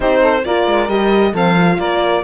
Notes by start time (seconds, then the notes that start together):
0.00 C4 D#4 G4 C5
0.20 A4
0.44 A#3 F4 A#4 D5
0.66 G#3
0.88 G3 G4 D#5
1.31 F3 C4 A4 F5
1.56 F4
1.78 A#3 A#4 D5